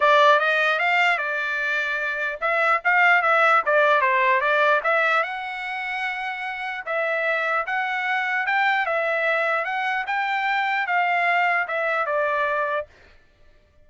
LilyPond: \new Staff \with { instrumentName = "trumpet" } { \time 4/4 \tempo 4 = 149 d''4 dis''4 f''4 d''4~ | d''2 e''4 f''4 | e''4 d''4 c''4 d''4 | e''4 fis''2.~ |
fis''4 e''2 fis''4~ | fis''4 g''4 e''2 | fis''4 g''2 f''4~ | f''4 e''4 d''2 | }